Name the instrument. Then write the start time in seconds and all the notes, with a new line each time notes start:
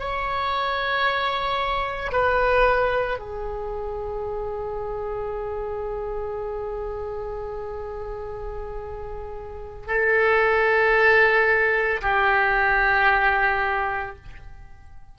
oboe
0.00 C#5
2.12 B4
3.19 G#4
9.87 A4
12.02 G4